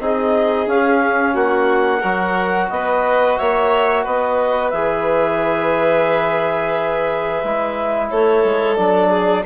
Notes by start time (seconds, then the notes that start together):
0.00 C4 D#4 G#4 D#5
0.67 C#4 F5
1.34 A#3 F#4 F#5
2.00 F#3 F#4 A#4
2.70 B3 B4 D#5
3.38 A#3 C#5 E5
4.04 B3 B4 D#5
4.70 E3 G#4 E5
7.44 G#3 E4
8.10 A3 A4 C#5
8.44 G#3
8.76 F#3 D4 D5
9.10 G#4